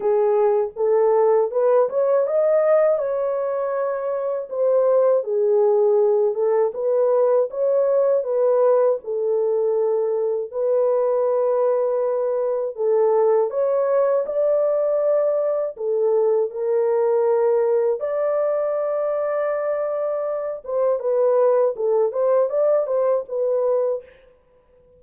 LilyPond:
\new Staff \with { instrumentName = "horn" } { \time 4/4 \tempo 4 = 80 gis'4 a'4 b'8 cis''8 dis''4 | cis''2 c''4 gis'4~ | gis'8 a'8 b'4 cis''4 b'4 | a'2 b'2~ |
b'4 a'4 cis''4 d''4~ | d''4 a'4 ais'2 | d''2.~ d''8 c''8 | b'4 a'8 c''8 d''8 c''8 b'4 | }